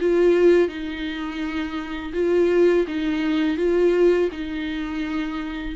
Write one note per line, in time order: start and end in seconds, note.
0.00 0.68 F4
0.68 2.13 D#4
2.14 2.86 F4
2.87 3.57 D#4
3.57 4.29 F4
4.32 5.75 D#4